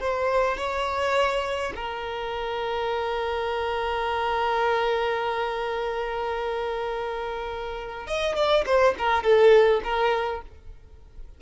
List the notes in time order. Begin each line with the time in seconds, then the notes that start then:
0.00 C5
0.57 C#5
1.76 A#4
8.07 D#5
8.36 D5
8.66 C5
8.98 A#4
9.23 A4
9.84 A#4